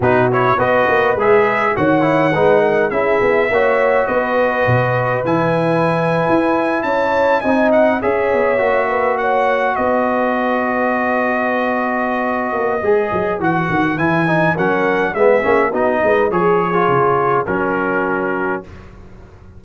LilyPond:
<<
  \new Staff \with { instrumentName = "trumpet" } { \time 4/4 \tempo 4 = 103 b'8 cis''8 dis''4 e''4 fis''4~ | fis''4 e''2 dis''4~ | dis''4 gis''2~ gis''8. a''16~ | a''8. gis''8 fis''8 e''2 fis''16~ |
fis''8. dis''2.~ dis''16~ | dis''2. fis''4 | gis''4 fis''4 e''4 dis''4 | cis''2 ais'2 | }
  \new Staff \with { instrumentName = "horn" } { \time 4/4 fis'4 b'2 cis''4 | b'8 ais'8 gis'4 cis''4 b'4~ | b'2.~ b'8. cis''16~ | cis''8. dis''4 cis''4. b'8 cis''16~ |
cis''8. b'2.~ b'16~ | b'1~ | b'4 ais'4 gis'4 fis'8 b'8 | gis'2 fis'2 | }
  \new Staff \with { instrumentName = "trombone" } { \time 4/4 dis'8 e'8 fis'4 gis'4 fis'8 e'8 | dis'4 e'4 fis'2~ | fis'4 e'2.~ | e'8. dis'4 gis'4 fis'4~ fis'16~ |
fis'1~ | fis'2 gis'4 fis'4 | e'8 dis'8 cis'4 b8 cis'8 dis'4 | gis'8. f'4~ f'16 cis'2 | }
  \new Staff \with { instrumentName = "tuba" } { \time 4/4 b,4 b8 ais8 gis4 dis4 | gis4 cis'8 b8 ais4 b4 | b,4 e4.~ e16 e'4 cis'16~ | cis'8. c'4 cis'8 b8 ais4~ ais16~ |
ais8. b2.~ b16~ | b4. ais8 gis8 fis8 e8 dis8 | e4 fis4 gis8 ais8 b8 gis8 | f4 cis4 fis2 | }
>>